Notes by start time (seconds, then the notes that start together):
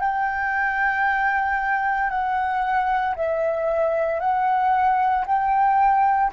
0.00 G5
2.10 F#5
3.15 E5
4.20 F#5
5.26 G5